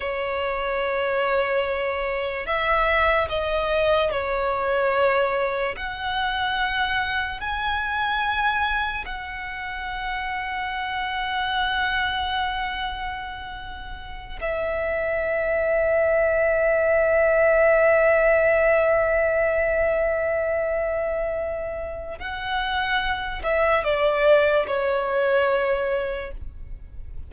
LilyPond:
\new Staff \with { instrumentName = "violin" } { \time 4/4 \tempo 4 = 73 cis''2. e''4 | dis''4 cis''2 fis''4~ | fis''4 gis''2 fis''4~ | fis''1~ |
fis''4. e''2~ e''8~ | e''1~ | e''2. fis''4~ | fis''8 e''8 d''4 cis''2 | }